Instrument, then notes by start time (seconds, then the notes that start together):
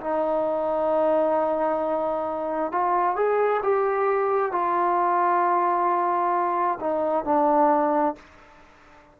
trombone
0.00 D#4
2.71 F4
3.15 G#4
3.62 G4
4.51 F4
6.80 D#4
7.24 D4